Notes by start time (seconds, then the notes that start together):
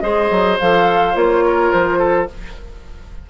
0.00 G#3 G#4 C5 D#5
0.30 F#3
0.59 F3 A4 F5
1.14 A#3 F4 C#5
1.45 A#4
1.71 F3 C5
1.98 A4